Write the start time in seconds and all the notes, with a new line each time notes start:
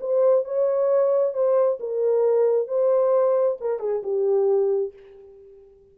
0.00 C5
0.44 C#5
1.33 C5
1.80 A#4
2.67 C5
3.60 A#4
3.79 G#4
4.03 G4